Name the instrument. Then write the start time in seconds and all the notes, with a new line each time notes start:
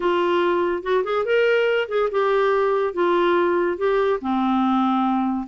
clarinet
0.00 F4
0.82 F#4
1.04 G#4
1.25 A#4
1.88 G#4
2.11 G4
2.93 F4
3.77 G4
4.21 C4